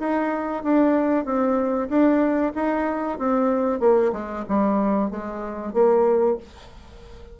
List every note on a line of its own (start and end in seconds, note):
0.00 0.64 D#4
0.64 1.25 D4
1.25 1.89 C4
1.89 2.53 D4
2.55 3.19 D#4
3.19 3.80 C4
3.80 4.12 A#3
4.13 4.45 G#3
4.49 5.11 G3
5.11 5.74 G#3
5.74 6.38 A#3